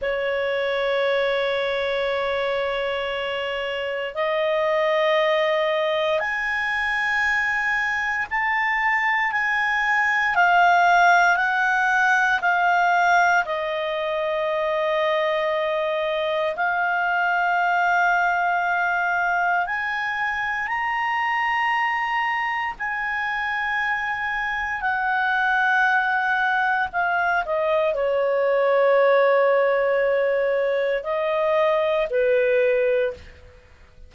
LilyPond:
\new Staff \with { instrumentName = "clarinet" } { \time 4/4 \tempo 4 = 58 cis''1 | dis''2 gis''2 | a''4 gis''4 f''4 fis''4 | f''4 dis''2. |
f''2. gis''4 | ais''2 gis''2 | fis''2 f''8 dis''8 cis''4~ | cis''2 dis''4 b'4 | }